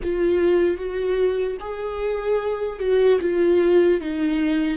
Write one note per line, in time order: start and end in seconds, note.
0.02 0.77 F4
0.77 1.57 F#4
1.60 2.79 G#4
2.79 3.19 F#4
3.20 4.00 F4
4.00 4.77 D#4